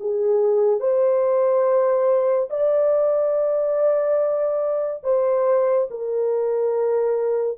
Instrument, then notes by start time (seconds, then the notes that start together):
horn
0.00 G#4
0.80 C5
2.50 D5
5.04 C5
5.91 A#4